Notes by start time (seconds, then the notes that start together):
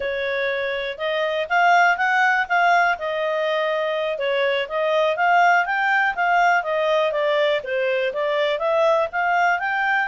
0.00 C#5
0.98 D#5
1.49 F5
1.97 F#5
2.48 F5
2.98 D#5
4.18 C#5
4.68 D#5
5.16 F5
5.65 G5
6.15 F5
6.63 D#5
7.12 D5
7.63 C5
8.13 D5
8.58 E5
9.12 F5
9.59 G5